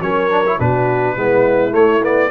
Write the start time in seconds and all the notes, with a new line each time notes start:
0.00 F#3 C#4 A#4 C#5
0.30 D4
0.46 E4
0.57 B2 D4 F#4 B4
1.16 G#3 B3 E4
1.70 A3 C#5
2.02 B3 D5